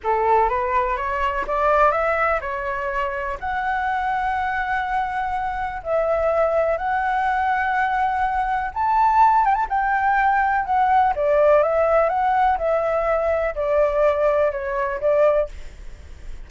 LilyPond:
\new Staff \with { instrumentName = "flute" } { \time 4/4 \tempo 4 = 124 a'4 b'4 cis''4 d''4 | e''4 cis''2 fis''4~ | fis''1 | e''2 fis''2~ |
fis''2 a''4. g''16 a''16 | g''2 fis''4 d''4 | e''4 fis''4 e''2 | d''2 cis''4 d''4 | }